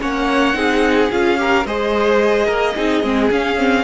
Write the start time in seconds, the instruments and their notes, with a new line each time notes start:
0.00 cello A#3, viola C#4, violin C#5 F#5
0.54 cello C4, viola D#4, violin G#4
1.11 cello C#4, viola F4, violin F5
1.37 viola G4, violin A#4
1.65 cello G#3, viola G#4, violin C5 D#5
2.46 cello A#3, violin A#4
2.75 cello C4, viola D#4, violin G#4
3.03 cello G#3, viola C4
3.31 cello C#4, viola C#4, violin F5
3.57 viola C4